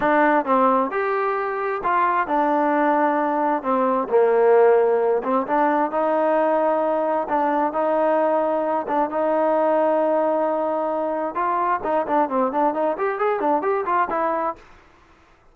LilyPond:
\new Staff \with { instrumentName = "trombone" } { \time 4/4 \tempo 4 = 132 d'4 c'4 g'2 | f'4 d'2. | c'4 ais2~ ais8 c'8 | d'4 dis'2. |
d'4 dis'2~ dis'8 d'8 | dis'1~ | dis'4 f'4 dis'8 d'8 c'8 d'8 | dis'8 g'8 gis'8 d'8 g'8 f'8 e'4 | }